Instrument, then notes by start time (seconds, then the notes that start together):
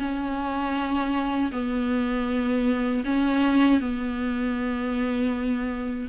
viola
0.00 C#4
1.52 B3
3.05 C#4
3.80 B3